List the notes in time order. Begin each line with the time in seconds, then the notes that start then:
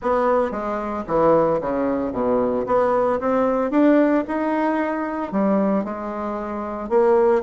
0.02 B3
0.51 G#3
1.07 E3
1.60 C#3
2.12 B2
2.66 B3
3.20 C4
3.70 D4
4.27 D#4
5.32 G3
5.84 G#3
6.89 A#3